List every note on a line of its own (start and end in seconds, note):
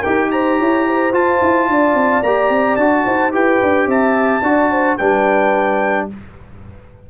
0.00 1.13 G4
0.00 0.28 A#4
0.00 0.31 G5
0.06 0.61 D#4
0.32 0.59 C5
0.32 1.14 A#5
0.59 1.13 E4
0.59 0.87 C#5
0.87 1.70 C5
1.13 2.23 F4
1.13 1.41 F4
1.13 2.24 A5
1.42 1.69 E4
1.69 1.95 D4
1.69 3.06 D5
1.95 2.22 C4
2.23 2.50 A#3
2.23 2.80 G4
2.23 2.77 A#5
2.50 2.77 C4
2.77 3.05 D4
2.77 3.32 F#4
2.77 3.32 A5
3.06 3.35 D#4
3.06 3.33 C5
3.32 3.62 E4
3.32 4.42 G4
3.32 3.88 B4
3.32 3.90 G5
3.63 3.87 D4
3.87 4.42 C4
3.87 4.43 E5
3.87 4.98 A5
4.42 4.97 D4
4.42 4.99 F#4
4.42 4.71 D5
4.71 4.97 C5
4.97 6.11 G3
4.97 6.10 D4
4.97 6.07 B4
4.97 6.08 G5